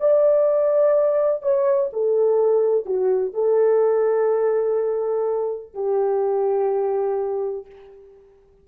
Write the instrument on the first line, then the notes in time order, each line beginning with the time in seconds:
horn
0.00 D5
1.42 C#5
1.93 A4
2.85 F#4
3.34 A4
5.74 G4